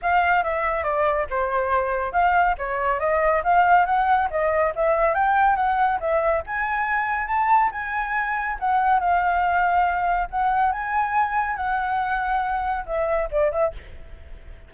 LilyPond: \new Staff \with { instrumentName = "flute" } { \time 4/4 \tempo 4 = 140 f''4 e''4 d''4 c''4~ | c''4 f''4 cis''4 dis''4 | f''4 fis''4 dis''4 e''4 | g''4 fis''4 e''4 gis''4~ |
gis''4 a''4 gis''2 | fis''4 f''2. | fis''4 gis''2 fis''4~ | fis''2 e''4 d''8 e''8 | }